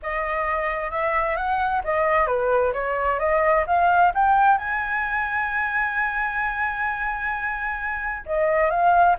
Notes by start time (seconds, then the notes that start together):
0.02 D#5
0.90 E5
1.36 F#5
1.83 D#5
2.27 B4
2.73 C#5
3.19 D#5
3.66 F5
4.14 G5
4.58 G#5
8.26 D#5
8.70 F5